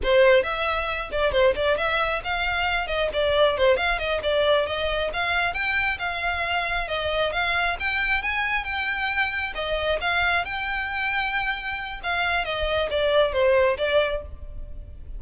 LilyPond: \new Staff \with { instrumentName = "violin" } { \time 4/4 \tempo 4 = 135 c''4 e''4. d''8 c''8 d''8 | e''4 f''4. dis''8 d''4 | c''8 f''8 dis''8 d''4 dis''4 f''8~ | f''8 g''4 f''2 dis''8~ |
dis''8 f''4 g''4 gis''4 g''8~ | g''4. dis''4 f''4 g''8~ | g''2. f''4 | dis''4 d''4 c''4 d''4 | }